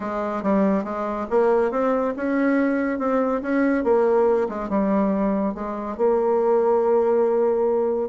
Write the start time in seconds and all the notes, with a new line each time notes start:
0.00 G#3
0.43 G3
0.84 G#3
1.30 A#3
1.71 C4
2.16 C#4
2.99 C4
3.42 C#4
3.83 A#3
4.48 G#3
4.69 G3
5.54 G#3
5.97 A#3